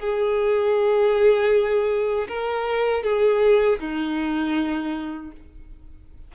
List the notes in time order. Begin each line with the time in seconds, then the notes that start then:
0.00 G#4
2.29 A#4
3.03 G#4
3.80 D#4